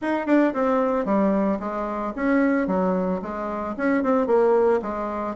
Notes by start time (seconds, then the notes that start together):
0.01 D#4
0.26 D4
0.53 C4
1.05 G3
1.59 G#3
2.15 C#4
2.67 F#3
3.21 G#3
3.77 C#4
4.03 C4
4.27 A#3
4.82 G#3